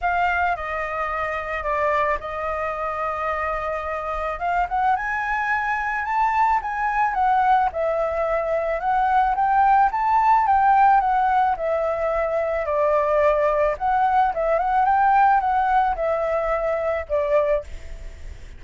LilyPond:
\new Staff \with { instrumentName = "flute" } { \time 4/4 \tempo 4 = 109 f''4 dis''2 d''4 | dis''1 | f''8 fis''8 gis''2 a''4 | gis''4 fis''4 e''2 |
fis''4 g''4 a''4 g''4 | fis''4 e''2 d''4~ | d''4 fis''4 e''8 fis''8 g''4 | fis''4 e''2 d''4 | }